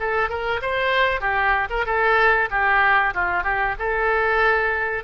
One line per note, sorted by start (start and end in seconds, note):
0.00 0.29 A4
0.29 0.61 A#4
0.62 1.21 C5
1.21 1.68 G4
1.70 1.86 A#4
1.86 2.49 A4
2.51 3.14 G4
3.14 3.44 F4
3.44 3.75 G4
3.79 5.04 A4